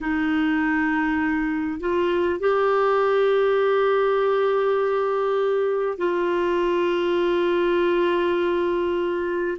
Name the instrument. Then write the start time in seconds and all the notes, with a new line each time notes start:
clarinet
0.01 D#4
1.79 F4
2.39 G4
5.97 F4